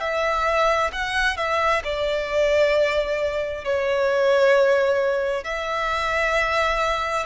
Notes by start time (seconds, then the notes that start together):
0.00 E5
0.92 F#5
1.37 E5
1.84 D5
3.64 C#5
5.44 E5